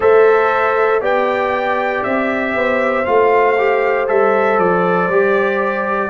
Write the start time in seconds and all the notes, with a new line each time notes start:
0.00 A3 A4 C5 E5
1.00 B3 G4 D5 G5
2.03 C4 E5
2.54 B3 C5
3.05 A3 F4 F5
3.58 G4
4.07 G3 A4 E5
4.57 F3 D5
5.08 G3 G4